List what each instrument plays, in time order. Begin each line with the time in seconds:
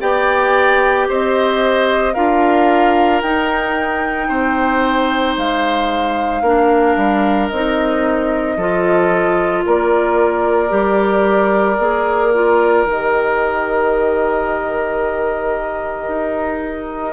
0.00 bassoon B3, clarinet G4, oboe D5, flute G5
1.09 bassoon C4, oboe C5, flute D#5
2.14 bassoon D4, clarinet F4, oboe A#4, flute F5
3.22 bassoon D#4, clarinet D#4, flute G5
4.29 bassoon C4, oboe C5
5.37 bassoon G#3, flute F5
6.42 bassoon A#3, clarinet D4, oboe A#4
6.97 bassoon G3
7.49 bassoon C4, clarinet D#4, flute D#5
8.57 bassoon F3, clarinet F4, oboe A4
9.66 bassoon A#3, oboe A#4, flute D5
10.69 bassoon G3, clarinet G4
11.79 bassoon A#3, clarinet G#4
12.34 clarinet F4
12.86 bassoon D#3, clarinet G4, flute D#5
16.08 bassoon D#4